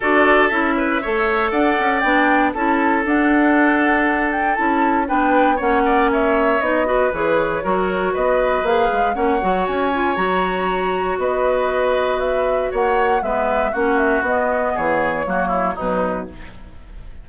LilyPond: <<
  \new Staff \with { instrumentName = "flute" } { \time 4/4 \tempo 4 = 118 d''4 e''2 fis''4 | g''4 a''4 fis''2~ | fis''8 g''8 a''4 g''4 fis''4 | e''4 dis''4 cis''2 |
dis''4 f''4 fis''4 gis''4 | ais''2 dis''2 | e''4 fis''4 e''4 fis''8 e''8 | dis''4 cis''2 b'4 | }
  \new Staff \with { instrumentName = "oboe" } { \time 4/4 a'4. b'8 cis''4 d''4~ | d''4 a'2.~ | a'2 b'4 cis''8 d''8 | cis''4. b'4. ais'4 |
b'2 cis''2~ | cis''2 b'2~ | b'4 cis''4 b'4 fis'4~ | fis'4 gis'4 fis'8 e'8 dis'4 | }
  \new Staff \with { instrumentName = "clarinet" } { \time 4/4 fis'4 e'4 a'2 | d'4 e'4 d'2~ | d'4 e'4 d'4 cis'4~ | cis'4 dis'8 fis'8 gis'4 fis'4~ |
fis'4 gis'4 cis'8 fis'4 f'8 | fis'1~ | fis'2 b4 cis'4 | b2 ais4 fis4 | }
  \new Staff \with { instrumentName = "bassoon" } { \time 4/4 d'4 cis'4 a4 d'8 cis'8 | b4 cis'4 d'2~ | d'4 cis'4 b4 ais4~ | ais4 b4 e4 fis4 |
b4 ais8 gis8 ais8 fis8 cis'4 | fis2 b2~ | b4 ais4 gis4 ais4 | b4 e4 fis4 b,4 | }
>>